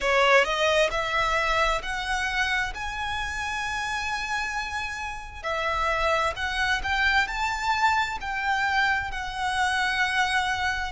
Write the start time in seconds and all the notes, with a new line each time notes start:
0.00 C#5
0.44 D#5
0.90 E5
1.82 F#5
2.74 G#5
5.43 E5
6.36 F#5
6.83 G5
7.27 A5
8.21 G5
9.11 F#5